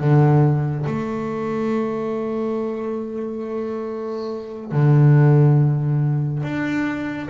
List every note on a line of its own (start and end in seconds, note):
0.00 0.86 D3
0.86 4.72 A3
4.72 6.43 D3
6.43 7.29 D4